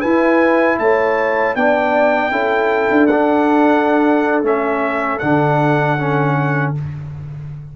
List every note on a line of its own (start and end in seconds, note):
0.00 1.56 E4
0.00 0.79 E4
0.00 0.77 B4
0.00 0.78 G#5
0.79 1.55 A3
0.79 1.57 C#5
0.79 1.55 A5
1.55 2.31 B3
1.55 2.31 D4
1.55 2.32 D5
1.55 3.07 G5
2.31 2.89 C#4
2.31 3.08 E4
2.31 6.74 A4
2.91 4.42 D4
3.07 4.43 D4
3.07 4.41 F#5
4.42 5.19 A3
4.42 5.20 C#4
4.42 5.19 E5
5.19 6.76 D3
5.19 5.98 D4
5.19 6.72 F#5
5.98 6.75 C#4